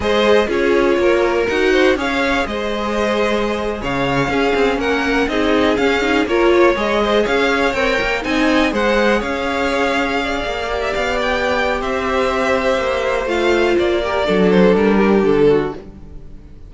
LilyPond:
<<
  \new Staff \with { instrumentName = "violin" } { \time 4/4 \tempo 4 = 122 dis''4 cis''2 fis''4 | f''4 dis''2~ dis''8. f''16~ | f''4.~ f''16 fis''4 dis''4 f''16~ | f''8. cis''4 dis''4 f''4 g''16~ |
g''8. gis''4 fis''4 f''4~ f''16~ | f''2 e''16 f''8 g''4~ g''16 | e''2. f''4 | d''4. c''8 ais'4 a'4 | }
  \new Staff \with { instrumentName = "violin" } { \time 4/4 c''4 gis'4 ais'4. c''8 | cis''4 c''2~ c''8. cis''16~ | cis''8. gis'4 ais'4 gis'4~ gis'16~ | gis'8. ais'8 cis''4 c''8 cis''4~ cis''16~ |
cis''8. dis''4 c''4 cis''4~ cis''16~ | cis''8. d''2.~ d''16 | c''1~ | c''8 ais'8 a'4. g'4 fis'8 | }
  \new Staff \with { instrumentName = "viola" } { \time 4/4 gis'4 f'2 fis'4 | gis'1~ | gis'8. cis'2 dis'4 cis'16~ | cis'16 dis'8 f'4 gis'2 ais'16~ |
ais'8. dis'4 gis'2~ gis'16~ | gis'4.~ gis'16 g'2~ g'16~ | g'2. f'4~ | f'8 g'8 d'2. | }
  \new Staff \with { instrumentName = "cello" } { \time 4/4 gis4 cis'4 ais4 dis'4 | cis'4 gis2~ gis8. cis16~ | cis8. cis'8 c'8 ais4 c'4 cis'16~ | cis'8. ais4 gis4 cis'4 c'16~ |
c'16 ais8 c'4 gis4 cis'4~ cis'16~ | cis'4~ cis'16 ais4 b4.~ b16 | c'2 ais4 a4 | ais4 fis4 g4 d4 | }
>>